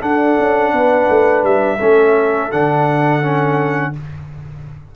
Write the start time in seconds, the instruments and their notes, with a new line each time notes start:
0.00 trombone D4, tuba D4, horn A4, trumpet F#5
0.39 tuba C#4
0.72 tuba B3, horn B4
1.09 tuba A3
1.43 tuba G3, trumpet E5
1.78 tuba A3, trombone C#4, horn A4
2.51 tuba D3, trombone D4, trumpet F#5
3.22 trombone C#4